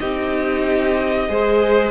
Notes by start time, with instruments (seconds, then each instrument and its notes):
0.00 cello C4, viola D#4, violin G4 D#5
1.29 cello G#3, viola G#4, violin C5